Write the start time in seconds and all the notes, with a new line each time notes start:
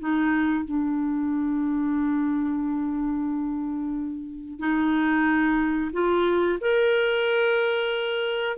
0.00 D#4
0.65 D4
4.59 D#4
5.93 F4
6.61 A#4